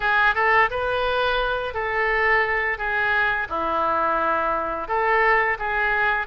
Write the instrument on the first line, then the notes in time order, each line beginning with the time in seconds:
oboe
0.00 G#4
0.34 A4
0.70 B4
1.73 A4
2.77 G#4
3.49 E4
4.87 A4
5.58 G#4